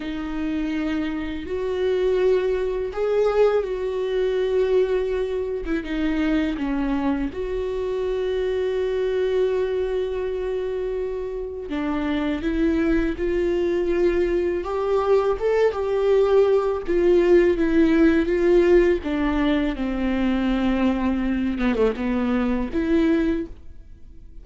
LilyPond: \new Staff \with { instrumentName = "viola" } { \time 4/4 \tempo 4 = 82 dis'2 fis'2 | gis'4 fis'2~ fis'8. e'16 | dis'4 cis'4 fis'2~ | fis'1 |
d'4 e'4 f'2 | g'4 a'8 g'4. f'4 | e'4 f'4 d'4 c'4~ | c'4. b16 a16 b4 e'4 | }